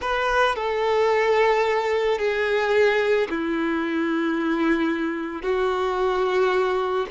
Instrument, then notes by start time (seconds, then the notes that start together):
violin
0.00 B4
0.55 A4
2.18 G#4
3.30 E4
5.42 F#4